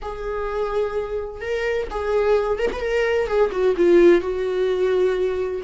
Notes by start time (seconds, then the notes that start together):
0.01 G#4
1.40 A#4
1.90 G#4
2.58 A#4
2.72 B4
2.80 A#4
3.27 G#4
3.51 F#4
3.76 F4
4.21 F#4